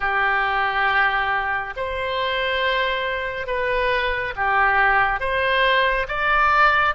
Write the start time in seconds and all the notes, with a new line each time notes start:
0.00 G4
1.76 C5
3.47 B4
4.36 G4
5.20 C5
6.08 D5